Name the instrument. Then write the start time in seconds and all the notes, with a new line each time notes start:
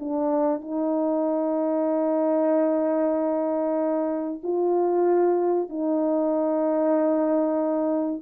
horn
0.00 D4
0.62 D#4
4.44 F4
5.70 D#4